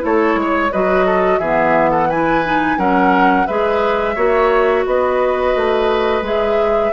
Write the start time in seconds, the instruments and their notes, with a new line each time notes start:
0.00 bassoon A3, clarinet E4, oboe A4, flute C#5
0.35 bassoon G#3, oboe C#5
0.72 bassoon F#3, clarinet F#4, oboe B4, flute D#5
1.06 oboe A4
1.39 bassoon E3, clarinet B3, oboe G#4, flute E5
1.91 oboe A4, flute F#5
2.09 clarinet E4, oboe B4, flute G#5
2.45 clarinet D#4
2.77 bassoon F#3, clarinet C#4, oboe A#4, flute F#5
3.47 bassoon G#3, clarinet G#4, oboe B4, flute E5
4.15 bassoon A#3, clarinet F#4, oboe C#5
4.86 bassoon B3, oboe B4, flute D#5
5.56 bassoon A3
6.22 bassoon G#3, clarinet G#4, flute E5